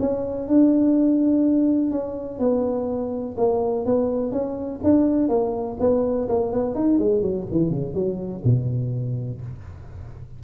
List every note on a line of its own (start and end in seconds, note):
0.00 0.48 C#4
0.48 1.91 D4
1.91 2.39 C#4
2.39 3.36 B3
3.38 3.86 A#3
3.86 4.32 B3
4.32 4.81 C#4
4.83 5.29 D4
5.29 5.77 A#3
5.80 6.28 B3
6.29 6.53 A#3
6.53 6.75 B3
6.75 6.99 D#4
6.99 7.22 G#3
7.22 7.46 F#3
7.52 7.70 E3
7.70 7.94 C#3
7.94 8.43 F#3
8.45 9.41 B2